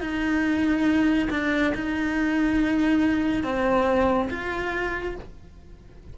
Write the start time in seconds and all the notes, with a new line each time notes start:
0.00 D#4
1.30 D4
1.75 D#4
3.43 C4
4.30 F4